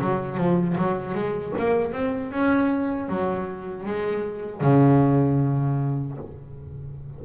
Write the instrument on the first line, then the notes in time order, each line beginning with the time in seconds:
double bass
0.00 F#3
0.37 F3
0.78 F#3
1.14 G#3
1.58 A#3
1.92 C4
2.31 C#4
3.08 F#3
3.86 G#3
4.61 C#3